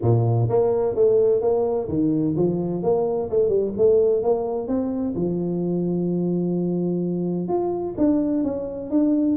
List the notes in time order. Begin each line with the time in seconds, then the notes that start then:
0.01 A#2
0.49 A#3
0.95 A3
1.41 A#3
1.88 D#3
2.36 F3
2.83 A#3
3.30 A3
3.48 G3
3.77 A3
4.23 A#3
4.67 C4
5.15 F3
7.48 F4
7.97 D4
8.43 C#4
8.90 D4